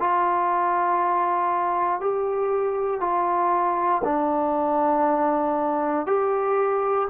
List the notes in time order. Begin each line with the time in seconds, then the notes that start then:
0.00 F4
2.01 G4
3.00 F4
4.04 D4
6.06 G4